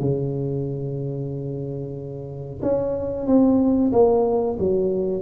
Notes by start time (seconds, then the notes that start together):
0.00 C#3
2.62 C#4
3.27 C4
3.92 A#3
4.59 F#3